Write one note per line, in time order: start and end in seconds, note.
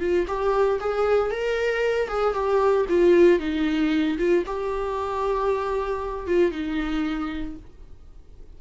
0.00 0.26 F4
0.28 0.80 G4
0.80 1.31 G#4
1.31 2.08 A#4
2.08 2.34 G#4
2.34 2.86 G4
2.89 3.40 F4
3.40 4.18 D#4
4.18 4.44 F4
4.47 6.27 G4
6.27 6.52 F4
6.52 7.56 D#4